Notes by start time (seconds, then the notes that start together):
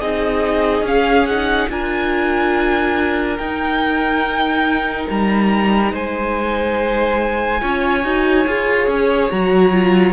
0.00 C4 D#4 G#4 D#5
0.82 C#4 F5
1.26 D#4 F#5
1.69 D4 F4 A#4 G#5
3.37 D#4 G5
5.10 G3 A#5
5.91 G#3 C5 G#5
7.60 C#4 F4 C#5
8.04 D#4 F#4
8.46 F4 G#4
8.87 C#4
9.30 F#3 F#4 A#5
9.72 F4